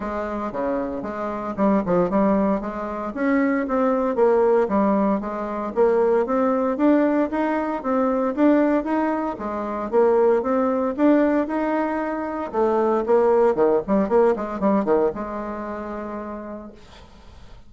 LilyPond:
\new Staff \with { instrumentName = "bassoon" } { \time 4/4 \tempo 4 = 115 gis4 cis4 gis4 g8 f8 | g4 gis4 cis'4 c'4 | ais4 g4 gis4 ais4 | c'4 d'4 dis'4 c'4 |
d'4 dis'4 gis4 ais4 | c'4 d'4 dis'2 | a4 ais4 dis8 g8 ais8 gis8 | g8 dis8 gis2. | }